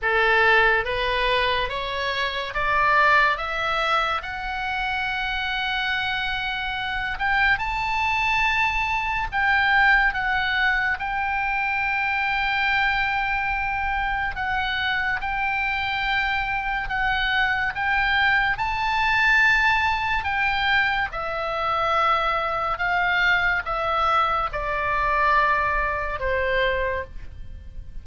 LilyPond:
\new Staff \with { instrumentName = "oboe" } { \time 4/4 \tempo 4 = 71 a'4 b'4 cis''4 d''4 | e''4 fis''2.~ | fis''8 g''8 a''2 g''4 | fis''4 g''2.~ |
g''4 fis''4 g''2 | fis''4 g''4 a''2 | g''4 e''2 f''4 | e''4 d''2 c''4 | }